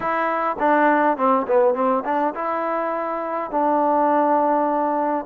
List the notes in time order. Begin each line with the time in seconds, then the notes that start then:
0.00 E4
0.59 D4
1.17 C4
1.47 B3
1.74 C4
2.04 D4
2.34 E4
3.51 D4